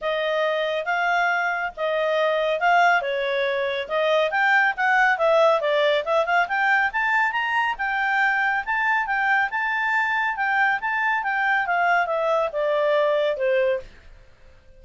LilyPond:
\new Staff \with { instrumentName = "clarinet" } { \time 4/4 \tempo 4 = 139 dis''2 f''2 | dis''2 f''4 cis''4~ | cis''4 dis''4 g''4 fis''4 | e''4 d''4 e''8 f''8 g''4 |
a''4 ais''4 g''2 | a''4 g''4 a''2 | g''4 a''4 g''4 f''4 | e''4 d''2 c''4 | }